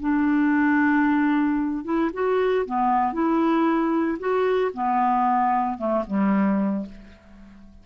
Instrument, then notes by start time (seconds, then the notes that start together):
clarinet
0.00 D4
1.84 E4
2.13 F#4
2.66 B3
3.13 E4
4.19 F#4
4.73 B3
5.78 A3
6.07 G3